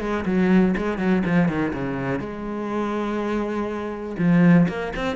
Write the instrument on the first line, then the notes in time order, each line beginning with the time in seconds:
cello
0.00 G#3
0.26 F#3
0.77 G#3
0.98 F#3
1.26 F3
1.48 D#3
1.74 C#3
2.20 G#3
4.18 F3
4.68 A#3
4.96 C4